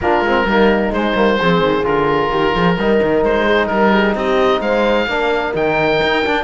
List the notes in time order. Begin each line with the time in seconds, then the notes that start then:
0.00 A#3 D4 F4 A#4
0.20 G#3 C4
0.45 G3 A#3 D#4
0.90 G#3 C5
1.15 G3 A#3
1.39 F3 C4 G#4
1.60 D#3
1.83 D3 F4 A#4
2.30 D#3 G4
2.55 F3 G#4
2.76 G3 D#4 A#4
3.02 D#3
3.23 G#3 C5
3.45 G#4
3.67 G3 A#4
3.92 G#4
4.15 C4 G4 D#5
4.60 G#3 C5 F5
5.06 A#3 D4 A#4
5.54 D#3 D#4 G5
6.02 D#4
6.25 D4